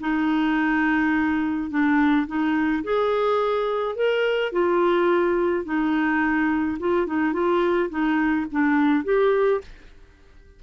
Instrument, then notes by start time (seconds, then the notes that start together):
clarinet
0.00 D#4
1.70 D4
2.27 D#4
2.84 G#4
3.95 A#4
4.52 F4
5.64 D#4
6.79 F4
7.06 D#4
7.33 F4
7.89 D#4
8.51 D4
9.04 G4